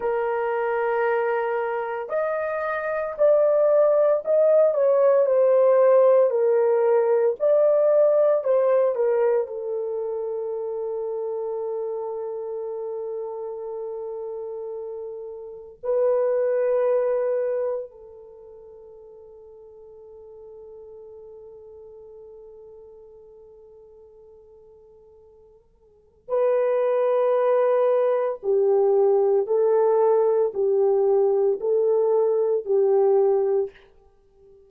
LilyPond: \new Staff \with { instrumentName = "horn" } { \time 4/4 \tempo 4 = 57 ais'2 dis''4 d''4 | dis''8 cis''8 c''4 ais'4 d''4 | c''8 ais'8 a'2.~ | a'2. b'4~ |
b'4 a'2.~ | a'1~ | a'4 b'2 g'4 | a'4 g'4 a'4 g'4 | }